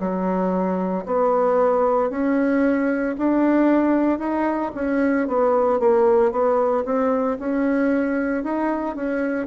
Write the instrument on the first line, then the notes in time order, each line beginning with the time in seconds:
bassoon
0.00 F#3
1.06 B3
2.11 C#4
3.18 D4
4.19 D#4
4.75 C#4
5.28 B3
5.80 A#3
6.32 B3
6.85 C4
7.39 C#4
8.44 D#4
8.96 C#4